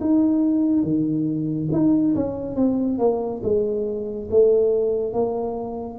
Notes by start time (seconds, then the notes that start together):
0.00 D#4
0.83 D#3
1.72 D#4
2.15 C#4
2.55 C4
2.98 A#3
3.43 G#3
4.31 A3
5.13 A#3